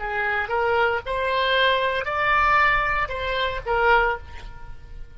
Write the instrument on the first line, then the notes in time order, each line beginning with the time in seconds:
oboe
0.00 G#4
0.49 A#4
1.06 C5
2.05 D5
3.09 C5
3.66 A#4